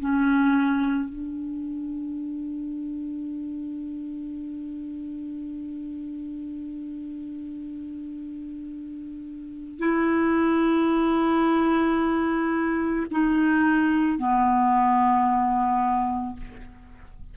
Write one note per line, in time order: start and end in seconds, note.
0.00 1.09 C#4
1.09 9.79 D4
9.79 13.06 E4
13.11 14.18 D#4
14.18 16.36 B3